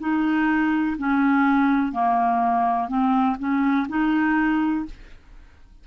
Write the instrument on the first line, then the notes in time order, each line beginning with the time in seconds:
clarinet
0.00 D#4
0.98 C#4
1.92 A#3
2.88 C4
3.39 C#4
3.89 D#4